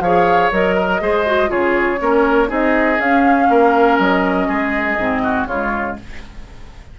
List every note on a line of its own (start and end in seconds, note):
0.00 0.50 F3
0.00 0.52 G#4
0.00 0.76 C#5
0.00 0.51 F5
0.52 1.01 F#3
0.52 1.01 A#4
0.52 1.51 D#5
0.76 1.00 A#4
1.01 1.50 G#3
1.01 1.26 G#4
1.01 1.50 C5
1.26 1.48 F#4
1.48 2.00 C#3
1.48 1.97 F4
1.48 2.00 G#4
1.48 2.50 C#5
2.00 2.50 A#3
2.00 2.48 C#4
2.00 2.49 A#4
2.48 2.99 C4
2.48 2.97 D#4
2.48 3.48 G#4
2.48 3.00 D#5
2.99 3.48 C#4
2.99 4.99 C#4
2.99 3.98 F5
3.49 3.99 A#3
3.49 4.48 A#4
3.98 4.48 F#3
3.98 5.46 D#5
4.48 4.97 G#3
4.48 5.22 G#4
4.97 5.47 G#2
4.97 5.49 C4
5.23 5.47 F#4
5.46 5.96 C#3
5.46 5.99 G#3
5.46 5.97 F4
5.46 5.96 C#5